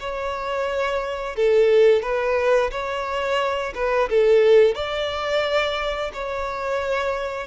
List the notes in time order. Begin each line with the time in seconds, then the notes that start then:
0.00 C#5
1.36 A4
2.03 B4
2.71 C#5
3.75 B4
4.10 A4
4.75 D5
6.14 C#5